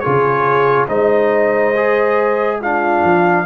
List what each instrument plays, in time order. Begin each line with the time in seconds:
0.00 trombone F4, horn G#4, trumpet C#5
0.06 tuba C#3
0.88 tuba G#3, trombone D#4, horn C5, trumpet D#5
1.76 trombone G#4
2.61 trombone D4, horn F4, trumpet F5
3.03 tuba F3